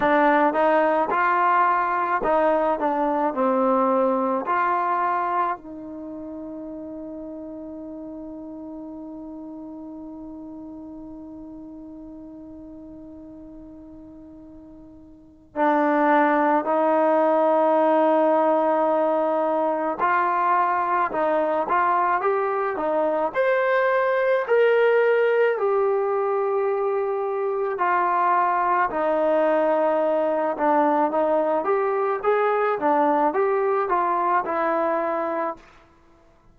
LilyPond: \new Staff \with { instrumentName = "trombone" } { \time 4/4 \tempo 4 = 54 d'8 dis'8 f'4 dis'8 d'8 c'4 | f'4 dis'2.~ | dis'1~ | dis'2 d'4 dis'4~ |
dis'2 f'4 dis'8 f'8 | g'8 dis'8 c''4 ais'4 g'4~ | g'4 f'4 dis'4. d'8 | dis'8 g'8 gis'8 d'8 g'8 f'8 e'4 | }